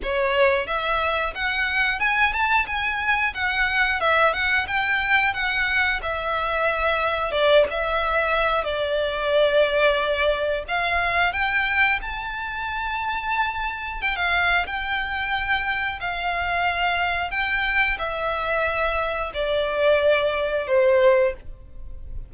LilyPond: \new Staff \with { instrumentName = "violin" } { \time 4/4 \tempo 4 = 90 cis''4 e''4 fis''4 gis''8 a''8 | gis''4 fis''4 e''8 fis''8 g''4 | fis''4 e''2 d''8 e''8~ | e''4 d''2. |
f''4 g''4 a''2~ | a''4 g''16 f''8. g''2 | f''2 g''4 e''4~ | e''4 d''2 c''4 | }